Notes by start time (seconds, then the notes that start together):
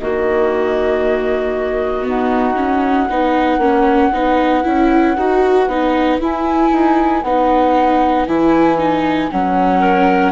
0.00 D#3 A#3 F#4 D#5
2.03 B3 D#4 F#5
2.57 C#4
3.10 B3 D#4 B4
3.58 A#3 C#4
4.13 B3 D#4
4.64 C#4 E4
5.17 D#4 F#4
5.68 B3 D#4
6.20 E4 G#5
6.72 D#4
7.23 B3 D#4 F#5
8.28 E3 E4 G#5
8.78 D#4
9.31 F#3 C#4 F#5
9.80 A#4